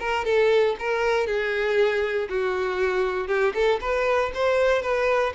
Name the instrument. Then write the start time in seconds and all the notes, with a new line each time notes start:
violin
0.00 A#4
0.25 A4
0.80 A#4
1.27 G#4
2.30 F#4
3.28 G4
3.55 A4
3.81 B4
4.35 C5
4.82 B4